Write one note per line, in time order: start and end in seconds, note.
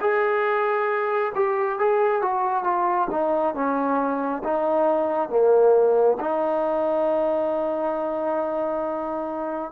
0.00 1.32 G#4
1.35 1.79 G4
1.79 2.21 G#4
2.21 2.64 F#4
2.64 3.08 F4
3.10 3.54 D#4
3.54 4.42 C#4
4.44 5.29 D#4
5.29 6.17 A#3
6.20 9.71 D#4